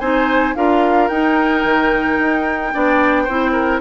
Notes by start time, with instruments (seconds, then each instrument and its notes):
0.00 bassoon C4, clarinet D#4, oboe C5, flute G#5
0.55 bassoon D4, clarinet F4, oboe A#4, flute F5
1.09 bassoon D#4, clarinet D#4, flute G5
1.65 bassoon D#3
2.19 bassoon D#4
2.73 bassoon B3, clarinet D4, oboe D5
3.24 bassoon C4, clarinet E4, oboe C5
3.52 oboe A#4